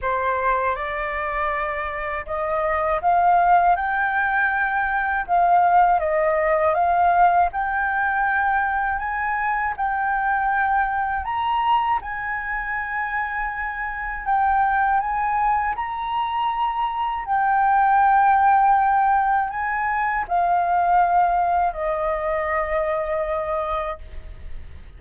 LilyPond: \new Staff \with { instrumentName = "flute" } { \time 4/4 \tempo 4 = 80 c''4 d''2 dis''4 | f''4 g''2 f''4 | dis''4 f''4 g''2 | gis''4 g''2 ais''4 |
gis''2. g''4 | gis''4 ais''2 g''4~ | g''2 gis''4 f''4~ | f''4 dis''2. | }